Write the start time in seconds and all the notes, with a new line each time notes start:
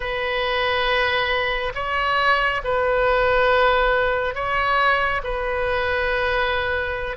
0.00 B4
1.74 C#5
2.64 B4
4.34 C#5
5.23 B4